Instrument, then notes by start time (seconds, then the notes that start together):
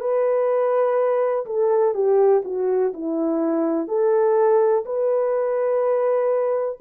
horn
0.00 B4
1.46 A4
1.94 G4
2.45 F#4
2.93 E4
3.88 A4
4.86 B4